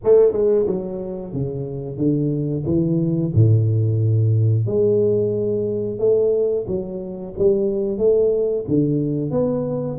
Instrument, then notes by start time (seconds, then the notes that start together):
tuba
0.03 A3
0.32 G#3
0.66 F#3
1.33 C#3
1.97 D3
2.65 E3
3.34 A2
4.66 G#3
5.98 A3
6.67 F#3
7.38 G3
7.98 A3
8.68 D3
9.31 B3